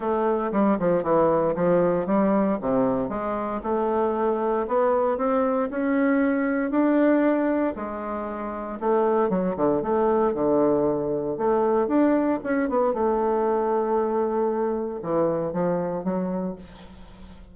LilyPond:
\new Staff \with { instrumentName = "bassoon" } { \time 4/4 \tempo 4 = 116 a4 g8 f8 e4 f4 | g4 c4 gis4 a4~ | a4 b4 c'4 cis'4~ | cis'4 d'2 gis4~ |
gis4 a4 fis8 d8 a4 | d2 a4 d'4 | cis'8 b8 a2.~ | a4 e4 f4 fis4 | }